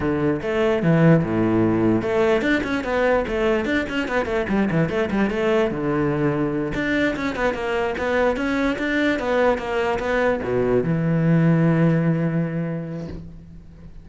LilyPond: \new Staff \with { instrumentName = "cello" } { \time 4/4 \tempo 4 = 147 d4 a4 e4 a,4~ | a,4 a4 d'8 cis'8 b4 | a4 d'8 cis'8 b8 a8 g8 e8 | a8 g8 a4 d2~ |
d8 d'4 cis'8 b8 ais4 b8~ | b8 cis'4 d'4 b4 ais8~ | ais8 b4 b,4 e4.~ | e1 | }